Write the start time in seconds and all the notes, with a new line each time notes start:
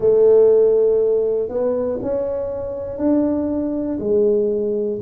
0.00 A3
1.48 B3
2.02 C#4
2.97 D4
3.99 G#3